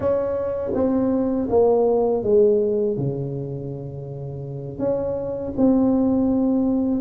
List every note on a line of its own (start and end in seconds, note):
0.00 0.71 C#4
0.74 1.48 C4
1.49 2.23 A#3
2.23 2.97 G#3
2.97 4.78 C#3
4.78 5.53 C#4
5.57 7.00 C4